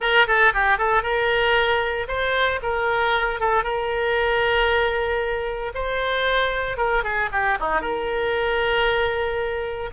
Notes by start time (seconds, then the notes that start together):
0.00 A#4
0.27 A4
0.53 G4
0.78 A4
1.02 A#4
2.08 C5
2.62 A#4
3.40 A4
3.63 A#4
5.74 C5
6.77 A#4
7.03 G#4
7.32 G4
7.60 D#4
7.81 A#4